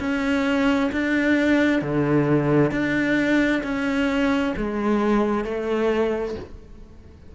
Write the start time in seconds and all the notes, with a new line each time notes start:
0.00 C#4
0.93 D4
1.82 D3
2.72 D4
3.64 C#4
4.57 G#3
5.45 A3